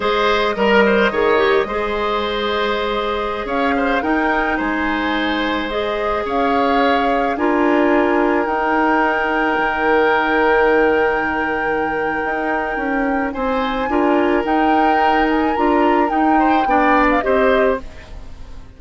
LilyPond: <<
  \new Staff \with { instrumentName = "flute" } { \time 4/4 \tempo 4 = 108 dis''1~ | dis''2~ dis''16 f''4 g''8.~ | g''16 gis''2 dis''4 f''8.~ | f''4~ f''16 gis''2 g''8.~ |
g''1~ | g''1 | gis''2 g''4. gis''8 | ais''4 g''4.~ g''16 f''16 dis''4 | }
  \new Staff \with { instrumentName = "oboe" } { \time 4/4 c''4 ais'8 c''8 cis''4 c''4~ | c''2~ c''16 cis''8 c''8 ais'8.~ | ais'16 c''2. cis''8.~ | cis''4~ cis''16 ais'2~ ais'8.~ |
ais'1~ | ais'1 | c''4 ais'2.~ | ais'4. c''8 d''4 c''4 | }
  \new Staff \with { instrumentName = "clarinet" } { \time 4/4 gis'4 ais'4 gis'8 g'8 gis'4~ | gis'2.~ gis'16 dis'8.~ | dis'2~ dis'16 gis'4.~ gis'16~ | gis'4~ gis'16 f'2 dis'8.~ |
dis'1~ | dis'1~ | dis'4 f'4 dis'2 | f'4 dis'4 d'4 g'4 | }
  \new Staff \with { instrumentName = "bassoon" } { \time 4/4 gis4 g4 dis4 gis4~ | gis2~ gis16 cis'4 dis'8.~ | dis'16 gis2. cis'8.~ | cis'4~ cis'16 d'2 dis'8.~ |
dis'4~ dis'16 dis2~ dis8.~ | dis2 dis'4 cis'4 | c'4 d'4 dis'2 | d'4 dis'4 b4 c'4 | }
>>